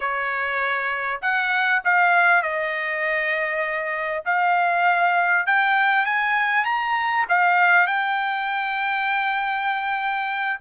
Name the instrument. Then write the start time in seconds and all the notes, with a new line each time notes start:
trumpet
0.00 C#5
1.21 F#5
1.84 F5
2.42 D#5
4.25 F5
5.46 G5
6.05 G#5
6.64 A#5
7.29 F5
7.86 G5